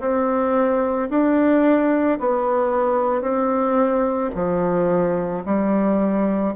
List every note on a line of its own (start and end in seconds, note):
0.00 1.09 C4
1.10 2.19 D4
2.20 3.21 B3
3.21 4.30 C4
4.35 5.44 F3
5.45 6.55 G3